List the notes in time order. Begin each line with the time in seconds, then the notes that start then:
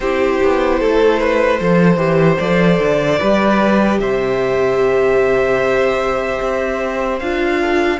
0.00 C4 E4 G4 C5
0.42 B3
0.79 A3 A4
1.19 B4
1.59 F3 A4 C5
1.96 E3 G4
2.38 F3 A4 D5
2.79 D3
3.19 G3 G4 B4
3.99 C3 C5 E5
6.41 C4
7.19 D4 F4 F5
7.61 A4